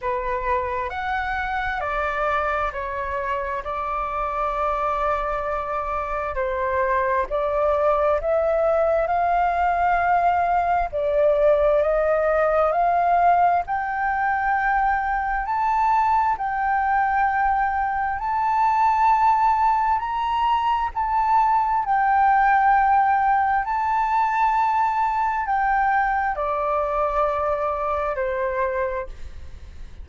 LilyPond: \new Staff \with { instrumentName = "flute" } { \time 4/4 \tempo 4 = 66 b'4 fis''4 d''4 cis''4 | d''2. c''4 | d''4 e''4 f''2 | d''4 dis''4 f''4 g''4~ |
g''4 a''4 g''2 | a''2 ais''4 a''4 | g''2 a''2 | g''4 d''2 c''4 | }